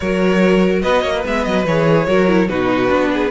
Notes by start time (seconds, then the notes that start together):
0.00 F#3 F#4 A#4 C#5
0.81 B3 B4 D#5
1.02 A#3 C#5
1.13 B4
1.23 G#3 B3 E5
1.44 F#3 D#5
1.65 E3 G#4 C#5
2.07 F#3 F#4 A#4
2.27 E4
2.48 B2 D#4 F#4 B4
2.87 B3 D4
3.13 G#4